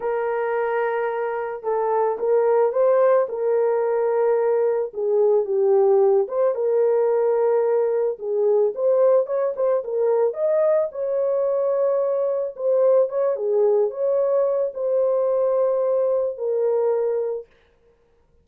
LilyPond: \new Staff \with { instrumentName = "horn" } { \time 4/4 \tempo 4 = 110 ais'2. a'4 | ais'4 c''4 ais'2~ | ais'4 gis'4 g'4. c''8 | ais'2. gis'4 |
c''4 cis''8 c''8 ais'4 dis''4 | cis''2. c''4 | cis''8 gis'4 cis''4. c''4~ | c''2 ais'2 | }